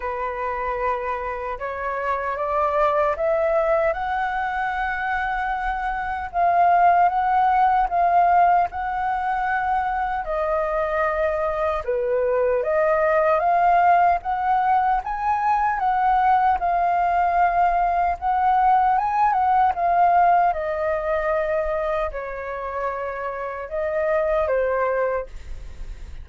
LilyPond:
\new Staff \with { instrumentName = "flute" } { \time 4/4 \tempo 4 = 76 b'2 cis''4 d''4 | e''4 fis''2. | f''4 fis''4 f''4 fis''4~ | fis''4 dis''2 b'4 |
dis''4 f''4 fis''4 gis''4 | fis''4 f''2 fis''4 | gis''8 fis''8 f''4 dis''2 | cis''2 dis''4 c''4 | }